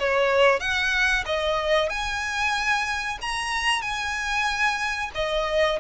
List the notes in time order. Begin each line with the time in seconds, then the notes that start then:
0.00 C#5
0.60 F#5
1.26 D#5
1.90 G#5
3.22 A#5
3.82 G#5
5.15 D#5